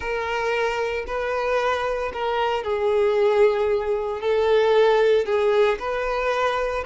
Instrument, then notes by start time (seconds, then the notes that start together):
violin
0.00 A#4
1.06 B4
2.13 A#4
2.63 G#4
4.20 A4
5.25 G#4
5.79 B4